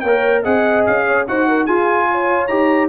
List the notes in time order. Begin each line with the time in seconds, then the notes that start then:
0.00 A#3 C#5 G5
0.07 A#4
0.43 C4 G#4 D#5 F#5
0.86 C#4 F5
1.07 C#5
1.28 D#4 F#4 C5 F#5
1.49 A#4
1.65 F4 G#4 G#5
2.11 C#5
2.47 D#4 G4 A#5